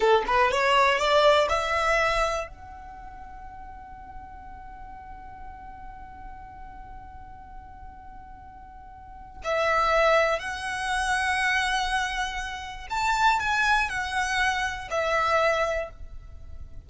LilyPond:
\new Staff \with { instrumentName = "violin" } { \time 4/4 \tempo 4 = 121 a'8 b'8 cis''4 d''4 e''4~ | e''4 fis''2.~ | fis''1~ | fis''1~ |
fis''2. e''4~ | e''4 fis''2.~ | fis''2 a''4 gis''4 | fis''2 e''2 | }